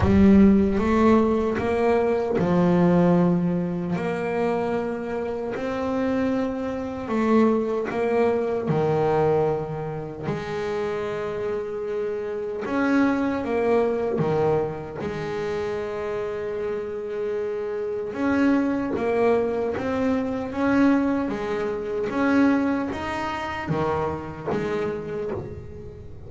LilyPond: \new Staff \with { instrumentName = "double bass" } { \time 4/4 \tempo 4 = 76 g4 a4 ais4 f4~ | f4 ais2 c'4~ | c'4 a4 ais4 dis4~ | dis4 gis2. |
cis'4 ais4 dis4 gis4~ | gis2. cis'4 | ais4 c'4 cis'4 gis4 | cis'4 dis'4 dis4 gis4 | }